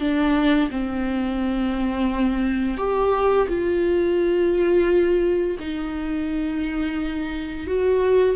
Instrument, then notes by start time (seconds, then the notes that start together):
viola
0.00 D4
0.71 C4
2.78 G4
3.49 F4
5.60 D#4
7.67 F#4